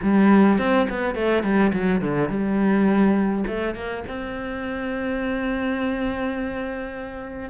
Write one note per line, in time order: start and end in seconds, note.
0.02 0.58 G3
0.58 0.87 C4
0.89 1.14 B3
1.14 1.43 A3
1.43 1.72 G3
1.72 2.01 F#3
2.01 2.29 D3
2.29 3.44 G3
3.47 3.74 A3
3.74 4.03 A#3
4.08 7.50 C4